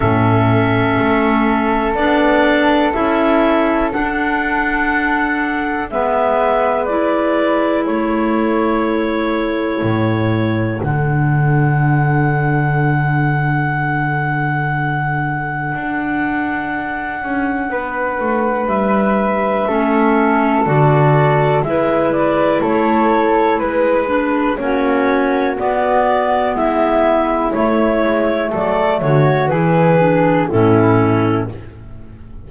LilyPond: <<
  \new Staff \with { instrumentName = "clarinet" } { \time 4/4 \tempo 4 = 61 e''2 d''4 e''4 | fis''2 e''4 d''4 | cis''2. fis''4~ | fis''1~ |
fis''2. e''4~ | e''4 d''4 e''8 d''8 cis''4 | b'4 cis''4 d''4 e''4 | cis''4 d''8 cis''8 b'4 a'4 | }
  \new Staff \with { instrumentName = "flute" } { \time 4/4 a'1~ | a'2 b'2 | a'1~ | a'1~ |
a'2 b'2 | a'2 b'4 a'4 | b'4 fis'2 e'4~ | e'4 a'8 fis'8 gis'4 e'4 | }
  \new Staff \with { instrumentName = "clarinet" } { \time 4/4 cis'2 d'4 e'4 | d'2 b4 e'4~ | e'2. d'4~ | d'1~ |
d'1 | cis'4 fis'4 e'2~ | e'8 d'8 cis'4 b2 | a2 e'8 d'8 cis'4 | }
  \new Staff \with { instrumentName = "double bass" } { \time 4/4 a,4 a4 b4 cis'4 | d'2 gis2 | a2 a,4 d4~ | d1 |
d'4. cis'8 b8 a8 g4 | a4 d4 gis4 a4 | gis4 ais4 b4 gis4 | a8 gis8 fis8 d8 e4 a,4 | }
>>